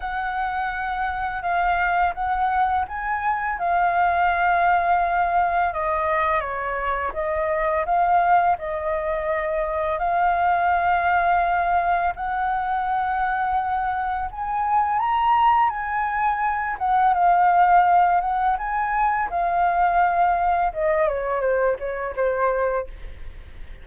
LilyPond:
\new Staff \with { instrumentName = "flute" } { \time 4/4 \tempo 4 = 84 fis''2 f''4 fis''4 | gis''4 f''2. | dis''4 cis''4 dis''4 f''4 | dis''2 f''2~ |
f''4 fis''2. | gis''4 ais''4 gis''4. fis''8 | f''4. fis''8 gis''4 f''4~ | f''4 dis''8 cis''8 c''8 cis''8 c''4 | }